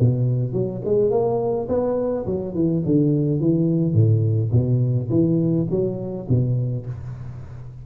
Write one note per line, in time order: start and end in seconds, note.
0.00 0.53 B2
0.53 0.82 F#3
0.85 1.11 G#3
1.11 1.68 A#3
1.69 2.26 B3
2.26 2.55 F#3
2.55 2.83 E3
2.86 3.40 D3
3.40 3.94 E3
3.94 4.51 A2
4.52 5.09 B2
5.10 5.67 E3
5.70 6.27 F#3
6.29 6.86 B2